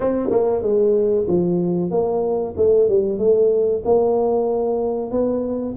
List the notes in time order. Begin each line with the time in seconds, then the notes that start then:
0.00 C4
0.30 A#3
0.62 G#3
1.27 F3
1.90 A#3
2.56 A3
2.89 G3
3.18 A3
3.85 A#3
5.11 B3